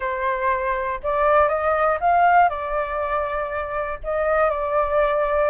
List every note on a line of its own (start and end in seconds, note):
0.00 1.00 C5
1.03 1.48 D5
1.48 1.98 D#5
2.00 2.49 F5
2.49 3.99 D5
4.03 4.50 D#5
4.50 5.49 D5